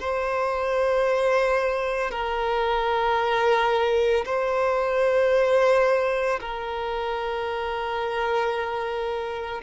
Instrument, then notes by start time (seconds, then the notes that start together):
violin
0.00 C5
2.10 A#4
4.25 C5
6.40 A#4